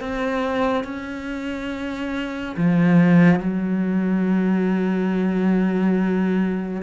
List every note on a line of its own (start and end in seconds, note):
0.00 0.84 C4
0.84 2.55 C#4
2.57 3.39 F3
3.39 6.82 F#3